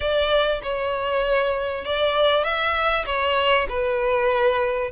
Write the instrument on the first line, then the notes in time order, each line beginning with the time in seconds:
violin
0.00 D5
0.62 C#5
1.85 D5
2.44 E5
3.06 C#5
3.68 B4